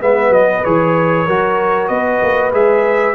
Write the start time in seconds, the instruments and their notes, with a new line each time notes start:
0.00 tuba G#3, trombone B3, horn B4, trumpet E5
0.29 tuba F#3, trumpet D#5
0.64 tuba E3, trombone G#4, trumpet C#5
1.26 tuba F#3, trombone F#4, horn A#4
1.88 tuba B3, horn B4, trumpet D#5
2.22 tuba A#3
2.52 tuba G#3, trombone G#4, trumpet E5